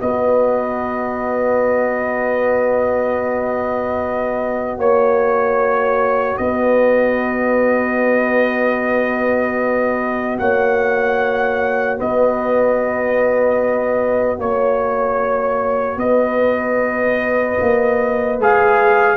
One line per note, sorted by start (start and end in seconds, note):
0.00 4.78 B3
0.00 18.40 F#4
0.00 4.78 B4
0.00 4.80 D#5
4.78 6.38 A#3
4.78 6.38 C#5
6.38 10.39 B3
6.38 10.40 B4
6.38 10.38 D#5
10.38 11.99 A#3
10.38 11.99 C#5
10.38 11.99 F#5
11.99 14.38 B3
11.99 14.39 B4
11.99 14.40 D#5
14.38 15.97 A#3
14.38 16.00 C#5
14.38 15.99 C#5
15.97 17.57 B3
15.97 19.17 B4
15.97 18.39 D#5
17.61 18.38 A#3
18.38 19.17 G#3
18.38 19.17 G#4
18.38 19.17 F5